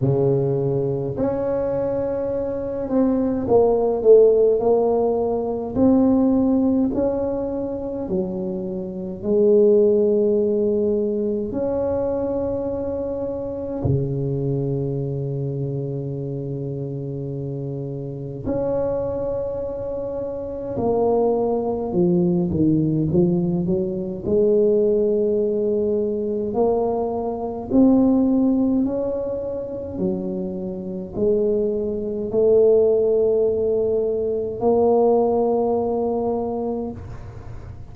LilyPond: \new Staff \with { instrumentName = "tuba" } { \time 4/4 \tempo 4 = 52 cis4 cis'4. c'8 ais8 a8 | ais4 c'4 cis'4 fis4 | gis2 cis'2 | cis1 |
cis'2 ais4 f8 dis8 | f8 fis8 gis2 ais4 | c'4 cis'4 fis4 gis4 | a2 ais2 | }